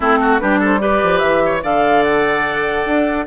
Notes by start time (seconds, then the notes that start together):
0.00 A3 C4 E4 A4
0.20 F#4
0.39 G3 D4 G4 B4
0.59 A4 C5
0.79 G4 B4 D5
1.03 F3
1.18 E3 E5
1.45 C#5
1.62 D3 A4 D5 F5
2.03 F#5
2.85 D4